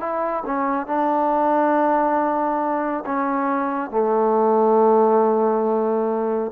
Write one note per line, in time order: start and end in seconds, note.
0.00 0.43 E4
0.46 0.87 C#4
0.87 3.04 D4
3.06 3.91 C#4
3.91 6.51 A3